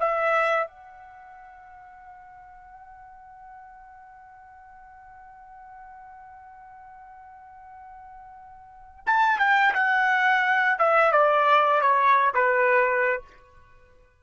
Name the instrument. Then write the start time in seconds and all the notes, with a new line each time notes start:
trumpet
0.00 E5
0.68 F#5
9.07 A5
9.39 G5
9.75 F#5
10.79 E5
11.12 D5
11.82 C#5
12.35 B4